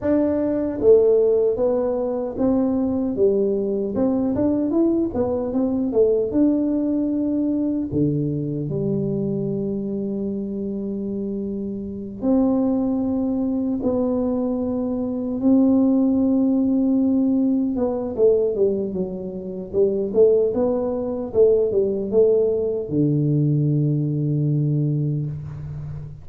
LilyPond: \new Staff \with { instrumentName = "tuba" } { \time 4/4 \tempo 4 = 76 d'4 a4 b4 c'4 | g4 c'8 d'8 e'8 b8 c'8 a8 | d'2 d4 g4~ | g2.~ g8 c'8~ |
c'4. b2 c'8~ | c'2~ c'8 b8 a8 g8 | fis4 g8 a8 b4 a8 g8 | a4 d2. | }